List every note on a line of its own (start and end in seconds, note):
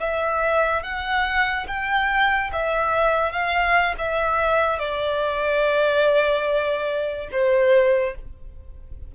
0.00 0.83 E5
0.83 1.66 F#5
1.67 2.51 G5
2.53 3.32 E5
3.32 3.95 F5
3.98 4.79 E5
4.79 7.29 D5
7.32 8.15 C5